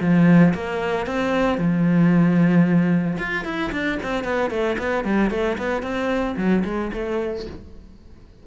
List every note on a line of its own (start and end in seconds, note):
0.00 0.53 F3
0.54 1.06 A#3
1.06 1.58 C4
1.58 3.17 F3
3.18 3.44 F4
3.44 3.71 E4
3.71 3.98 D4
4.03 4.24 C4
4.24 4.50 B3
4.50 4.76 A3
4.78 5.04 B3
5.04 5.30 G3
5.30 5.57 A3
5.58 5.82 B3
5.82 6.35 C4
6.37 6.63 F#3
6.64 6.91 G#3
6.93 7.46 A3